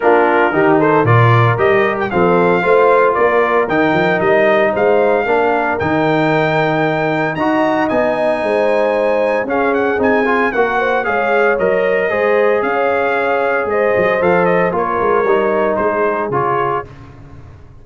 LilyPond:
<<
  \new Staff \with { instrumentName = "trumpet" } { \time 4/4 \tempo 4 = 114 ais'4. c''8 d''4 dis''8. g''16 | f''2 d''4 g''4 | dis''4 f''2 g''4~ | g''2 ais''4 gis''4~ |
gis''2 f''8 fis''8 gis''4 | fis''4 f''4 dis''2 | f''2 dis''4 f''8 dis''8 | cis''2 c''4 cis''4 | }
  \new Staff \with { instrumentName = "horn" } { \time 4/4 f'4 g'8 a'8 ais'2 | a'4 c''4 ais'2~ | ais'4 c''4 ais'2~ | ais'2 dis''2 |
c''2 gis'2 | ais'8 c''8 cis''2 c''4 | cis''2 c''2 | ais'2 gis'2 | }
  \new Staff \with { instrumentName = "trombone" } { \time 4/4 d'4 dis'4 f'4 g'4 | c'4 f'2 dis'4~ | dis'2 d'4 dis'4~ | dis'2 fis'4 dis'4~ |
dis'2 cis'4 dis'8 f'8 | fis'4 gis'4 ais'4 gis'4~ | gis'2. a'4 | f'4 dis'2 f'4 | }
  \new Staff \with { instrumentName = "tuba" } { \time 4/4 ais4 dis4 ais,4 g4 | f4 a4 ais4 dis8 f8 | g4 gis4 ais4 dis4~ | dis2 dis'4 b4 |
gis2 cis'4 c'4 | ais4 gis4 fis4 gis4 | cis'2 gis8 fis8 f4 | ais8 gis8 g4 gis4 cis4 | }
>>